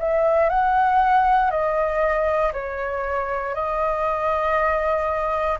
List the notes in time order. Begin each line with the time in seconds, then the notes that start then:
0.00 E5
0.50 F#5
1.51 D#5
2.53 C#5
3.55 D#5